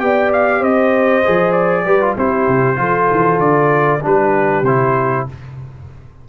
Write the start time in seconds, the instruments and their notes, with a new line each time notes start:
0.00 tuba B3, trombone G4, horn D5, trumpet G5
0.33 trumpet F5
0.60 tuba C4, horn C5, trumpet D#5
1.25 tuba F3, trombone G#4
1.52 trumpet D5
1.85 tuba G3, trombone G4, horn B4
2.01 trombone F4
2.17 tuba C4, trombone E4, horn G4, trumpet C5
2.48 tuba C3
2.76 tuba F3, trombone F4, horn A4
3.11 tuba E3
3.39 tuba D3, trumpet D5
4.02 tuba G3, trombone D4, horn G4, trumpet B4
4.62 tuba C3, trombone E4, trumpet C5